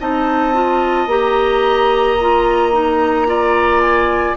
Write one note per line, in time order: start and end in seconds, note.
0.00 1.06 C4
0.00 0.53 D#4
0.00 3.27 D#5
0.00 1.08 A5
0.53 1.08 F4
1.06 4.33 A#3
1.06 2.18 G4
1.06 3.80 A#5
2.20 2.72 F4
2.72 3.26 D#4
3.26 4.35 F4
3.26 4.36 D5
3.80 4.35 G#5